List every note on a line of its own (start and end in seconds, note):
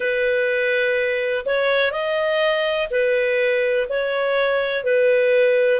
0.00 1.45 B4
1.45 1.91 C#5
1.91 2.88 D#5
2.90 3.87 B4
3.89 4.84 C#5
4.84 5.80 B4